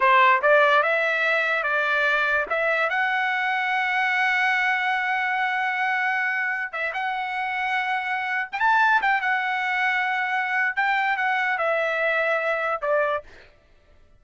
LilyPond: \new Staff \with { instrumentName = "trumpet" } { \time 4/4 \tempo 4 = 145 c''4 d''4 e''2 | d''2 e''4 fis''4~ | fis''1~ | fis''1~ |
fis''16 e''8 fis''2.~ fis''16~ | fis''8 g''16 a''4 g''8 fis''4.~ fis''16~ | fis''2 g''4 fis''4 | e''2. d''4 | }